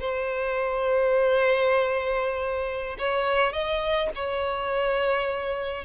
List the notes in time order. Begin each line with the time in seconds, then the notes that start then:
0.00 C5
2.99 C#5
3.53 D#5
4.15 C#5